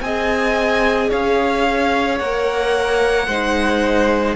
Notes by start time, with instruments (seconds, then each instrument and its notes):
0.00 cello C4, viola G#4, violin D#5 G#5
1.10 cello C#4, violin C#5 F5
2.18 cello A#3, viola A#4, violin F#5
3.27 cello G#3, viola D#4, violin C5